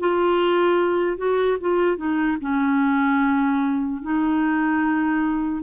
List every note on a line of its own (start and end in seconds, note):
0.00 1.18 F4
1.18 1.58 F#4
1.61 1.97 F4
1.97 2.38 D#4
2.41 4.02 C#4
4.02 5.63 D#4